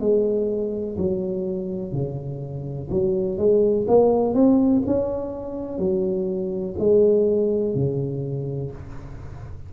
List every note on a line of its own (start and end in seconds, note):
0.00 0.97 G#3
0.98 1.92 F#3
1.92 2.89 C#3
2.90 3.37 F#3
3.37 3.86 G#3
3.87 4.34 A#3
4.34 4.82 C4
4.86 5.78 C#4
5.78 6.75 F#3
6.78 7.75 G#3
7.75 8.71 C#3